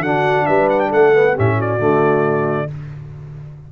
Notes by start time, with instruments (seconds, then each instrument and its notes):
0.00 tuba D3, trombone D4, horn F#4, trumpet F#5
0.46 tuba G3, horn B4, trumpet E5
0.69 trumpet F#5
0.80 trumpet G5
0.89 tuba A3, horn A4, trumpet F#5
1.14 trombone B3
1.34 tuba A2, trombone C#4, horn G4, trumpet E5
1.57 horn F#4, trumpet D5
1.79 tuba D3, trombone A3